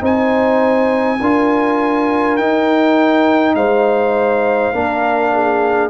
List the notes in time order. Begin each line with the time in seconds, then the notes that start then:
0.00 C4 D#4 C5 G#5
1.21 D4 F4 A#4
2.37 D#4 G5
3.54 G#3 C5 F5
4.73 A#3 D4 A#4
5.33 G#4